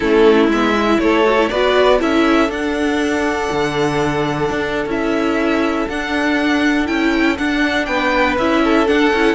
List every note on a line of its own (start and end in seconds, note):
0.00 0.48 A3
0.00 0.51 C#4
0.00 0.98 E4
0.00 0.47 A4
0.48 0.98 G#3
0.48 0.74 B3
0.48 0.99 E5
0.74 1.24 E4
0.99 1.49 A3
0.99 1.51 A4
0.99 1.49 C#5
1.25 1.38 F#4
1.38 1.50 E4
1.49 2.00 B3
1.49 1.99 F#4
1.49 1.98 B4
1.49 1.99 D5
1.98 2.48 C#4
1.98 2.49 E4
1.98 7.86 A4
1.98 2.50 E5
2.48 3.48 D4
2.48 4.87 D4
2.48 4.88 F#5
3.51 4.50 D3
4.50 4.86 D4
4.86 5.86 C#4
4.86 5.89 E4
4.86 5.88 E5
5.88 6.88 D4
5.88 6.86 D4
5.88 6.86 F#5
6.86 7.39 C#4
6.86 7.36 E4
6.86 7.36 G5
7.38 8.38 D4
7.38 7.87 D4
7.38 7.85 F#5
7.85 8.37 B3
7.85 8.62 B4
7.85 8.35 G5
8.38 8.88 C#4
8.38 8.86 E4
8.38 8.87 E5
8.64 9.34 A4
8.86 9.11 D4
8.86 9.13 D4
8.86 9.34 F#5
9.13 9.34 C#4
9.13 9.34 E4